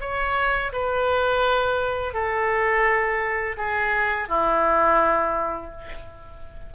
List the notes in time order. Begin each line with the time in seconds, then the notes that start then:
0.00 C#5
0.72 B4
2.13 A4
3.57 G#4
4.28 E4